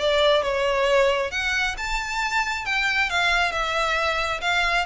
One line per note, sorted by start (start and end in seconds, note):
0.00 0.43 D5
0.43 1.32 C#5
1.32 1.76 F#5
1.78 2.66 A5
2.66 3.10 G5
3.10 3.52 F5
3.52 4.41 E5
4.42 4.86 F5